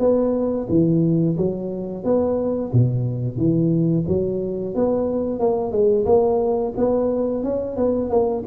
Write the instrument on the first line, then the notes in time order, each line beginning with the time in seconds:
tuba
0.00 B3
0.70 E3
1.38 F#3
2.04 B3
2.73 B2
3.38 E3
4.08 F#3
4.75 B3
5.40 A#3
5.72 G#3
6.06 A#3
6.77 B3
7.44 C#4
7.77 B3
8.11 A#3